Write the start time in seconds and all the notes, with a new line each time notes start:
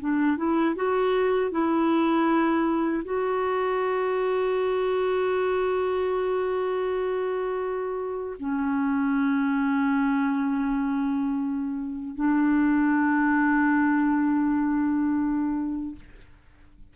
0.00 D4
0.37 E4
0.76 F#4
1.52 E4
3.05 F#4
8.40 C#4
12.16 D4